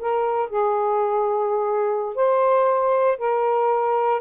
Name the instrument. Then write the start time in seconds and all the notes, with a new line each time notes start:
saxophone
0.00 A#4
0.50 G#4
2.16 C5
3.18 A#4